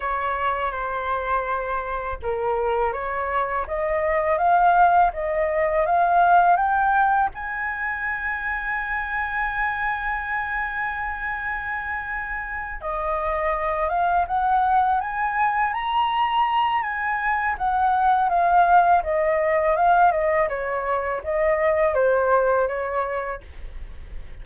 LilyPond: \new Staff \with { instrumentName = "flute" } { \time 4/4 \tempo 4 = 82 cis''4 c''2 ais'4 | cis''4 dis''4 f''4 dis''4 | f''4 g''4 gis''2~ | gis''1~ |
gis''4. dis''4. f''8 fis''8~ | fis''8 gis''4 ais''4. gis''4 | fis''4 f''4 dis''4 f''8 dis''8 | cis''4 dis''4 c''4 cis''4 | }